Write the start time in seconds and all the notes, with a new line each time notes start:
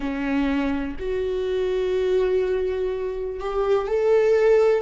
0.00 C#4
0.99 F#4
3.40 G4
3.87 A4